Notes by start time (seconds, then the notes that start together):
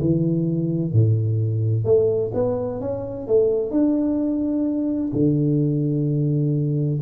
0.00 E3
0.92 A2
1.85 A3
2.34 B3
2.81 C#4
3.27 A3
3.71 D4
5.13 D3